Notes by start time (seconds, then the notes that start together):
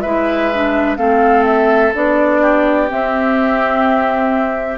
0.00 G#3 E4 B4 E5
0.53 D4
0.97 A3 C4 A4 F5
1.45 E5
1.94 B3 D4 D5
2.41 G4
2.88 C4 E5